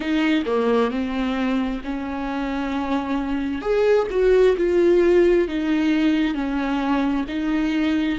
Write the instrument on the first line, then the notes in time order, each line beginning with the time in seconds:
viola
0.00 D#4
0.45 A#3
0.90 C4
1.83 C#4
3.61 G#4
4.10 F#4
4.57 F4
5.48 D#4
6.34 C#4
7.28 D#4